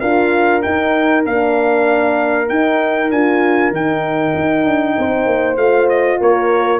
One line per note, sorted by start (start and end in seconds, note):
0.00 0.64 D4
0.00 0.62 F4
0.00 4.95 A#4
0.00 0.62 F5
0.62 1.24 D#4
0.62 1.26 D#4
0.62 1.24 G5
1.25 2.50 A#3
1.25 2.48 D4
1.25 2.49 F5
2.48 3.10 D#4
2.48 3.11 G5
3.10 3.71 D4
3.10 3.73 F4
3.10 3.73 G#5
3.71 4.33 D#3
3.71 5.57 D#4
3.71 5.57 G5
4.34 4.65 D#4
4.65 4.96 D4
4.98 5.26 C4
4.98 6.20 C5
5.26 5.57 A#3
5.57 6.18 A3
5.57 6.80 F4
5.57 5.88 F5
5.89 6.20 D#5
6.20 6.80 A#3
6.20 6.80 A#4
6.20 6.80 C#5